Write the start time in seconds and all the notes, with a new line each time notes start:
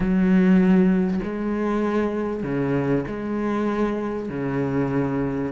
0.00 F#3
1.23 G#3
2.43 C#3
3.07 G#3
4.29 C#3